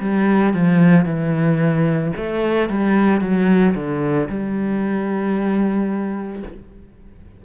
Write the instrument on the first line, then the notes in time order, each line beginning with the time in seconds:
cello
0.00 G3
0.54 F3
1.05 E3
2.16 A3
2.69 G3
3.20 F#3
3.75 D3
4.29 G3